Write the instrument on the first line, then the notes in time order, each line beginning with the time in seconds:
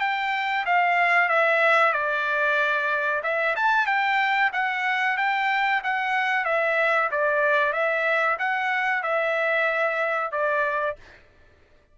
trumpet
0.00 G5
0.66 F5
1.29 E5
1.93 D5
3.23 E5
3.56 A5
3.86 G5
4.52 F#5
5.17 G5
5.84 F#5
6.45 E5
7.11 D5
7.73 E5
8.39 F#5
9.03 E5
10.32 D5